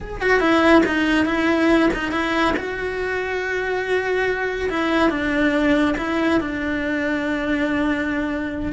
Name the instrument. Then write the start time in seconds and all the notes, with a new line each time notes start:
cello
0.01 G#4
0.21 F#4
0.40 E4
0.86 D#4
1.25 E4
1.93 D#4
2.11 E4
2.56 F#4
4.69 E4
5.10 D4
5.97 E4
6.40 D4